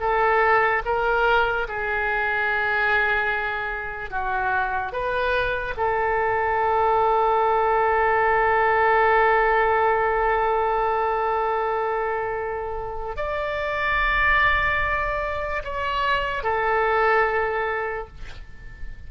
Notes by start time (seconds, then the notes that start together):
0.00 A4
0.85 A#4
1.68 G#4
4.10 F#4
4.92 B4
5.76 A4
13.16 D5
15.64 C#5
16.43 A4